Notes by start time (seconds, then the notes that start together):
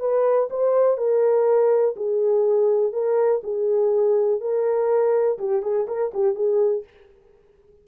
0.00 B4
0.51 C5
0.98 A#4
1.97 G#4
2.93 A#4
3.44 G#4
4.41 A#4
5.39 G4
5.63 G#4
5.88 A#4
6.14 G4
6.35 G#4